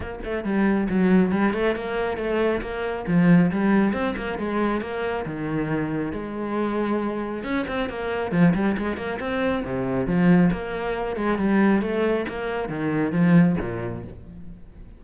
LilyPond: \new Staff \with { instrumentName = "cello" } { \time 4/4 \tempo 4 = 137 ais8 a8 g4 fis4 g8 a8 | ais4 a4 ais4 f4 | g4 c'8 ais8 gis4 ais4 | dis2 gis2~ |
gis4 cis'8 c'8 ais4 f8 g8 | gis8 ais8 c'4 c4 f4 | ais4. gis8 g4 a4 | ais4 dis4 f4 ais,4 | }